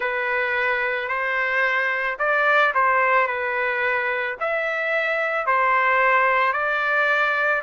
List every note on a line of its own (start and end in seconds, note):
0.00 1.08 B4
1.08 2.17 C5
2.18 2.73 D5
2.74 3.27 C5
3.27 4.36 B4
4.40 5.46 E5
5.46 6.53 C5
6.53 7.62 D5